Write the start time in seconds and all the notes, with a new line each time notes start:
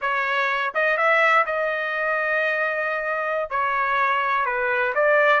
0.01 C#5
0.74 D#5
0.97 E5
1.46 D#5
3.50 C#5
4.45 B4
4.94 D5